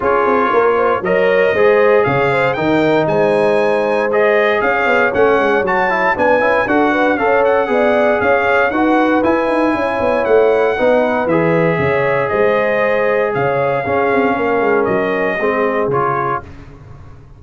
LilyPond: <<
  \new Staff \with { instrumentName = "trumpet" } { \time 4/4 \tempo 4 = 117 cis''2 dis''2 | f''4 g''4 gis''2 | dis''4 f''4 fis''4 a''4 | gis''4 fis''4 f''8 fis''4. |
f''4 fis''4 gis''2 | fis''2 e''2 | dis''2 f''2~ | f''4 dis''2 cis''4 | }
  \new Staff \with { instrumentName = "horn" } { \time 4/4 gis'4 ais'8 c''8 cis''4 c''4 | cis''8 c''8 ais'4 c''2~ | c''4 cis''2. | b'4 a'8 b'8 cis''4 d''4 |
cis''4 b'2 cis''4~ | cis''4 b'2 cis''4 | c''2 cis''4 gis'4 | ais'2 gis'2 | }
  \new Staff \with { instrumentName = "trombone" } { \time 4/4 f'2 ais'4 gis'4~ | gis'4 dis'2. | gis'2 cis'4 fis'8 e'8 | d'8 e'8 fis'4 a'4 gis'4~ |
gis'4 fis'4 e'2~ | e'4 dis'4 gis'2~ | gis'2. cis'4~ | cis'2 c'4 f'4 | }
  \new Staff \with { instrumentName = "tuba" } { \time 4/4 cis'8 c'8 ais4 fis4 gis4 | cis4 dis4 gis2~ | gis4 cis'8 b8 a8 gis8 fis4 | b8 cis'8 d'4 cis'4 b4 |
cis'4 dis'4 e'8 dis'8 cis'8 b8 | a4 b4 e4 cis4 | gis2 cis4 cis'8 c'8 | ais8 gis8 fis4 gis4 cis4 | }
>>